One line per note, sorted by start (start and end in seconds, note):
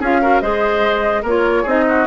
0.00 0.41 C#4
0.00 0.22 F4
0.00 0.21 G#4
0.00 0.40 F5
0.22 0.42 F#4
0.22 0.42 A#4
0.40 1.23 G#3
0.40 1.25 G#4
0.40 1.22 C5
0.40 1.23 D#5
1.22 1.64 A#3
1.22 1.66 F4
1.22 1.63 A#4
1.22 1.68 C#5
1.63 2.07 C4
1.63 2.07 D#4
1.63 1.84 G#4
1.63 2.07 D#5
1.89 2.07 F#4